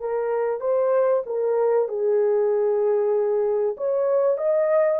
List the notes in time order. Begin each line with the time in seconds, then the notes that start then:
0.00 A#4
0.61 C5
1.26 A#4
1.88 G#4
3.77 C#5
4.38 D#5